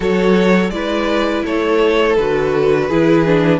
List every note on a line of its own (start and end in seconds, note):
0.00 0.70 F#3
0.00 0.70 F#4
0.00 0.72 A4
0.00 0.70 C#5
0.70 1.42 G#3
0.70 2.17 E4
0.70 1.44 B4
0.70 1.42 D5
1.44 2.17 A3
1.44 2.88 A4
1.44 2.15 C#5
2.15 2.89 D3
2.15 2.90 F#4
2.15 3.59 B4
2.88 3.59 E3
2.88 3.25 E4
2.88 3.59 G#4
3.25 3.59 D4